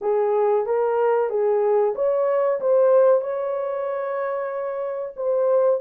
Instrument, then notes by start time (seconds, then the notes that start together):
horn
0.01 G#4
0.66 A#4
1.29 G#4
1.95 C#5
2.60 C5
3.21 C#5
5.16 C5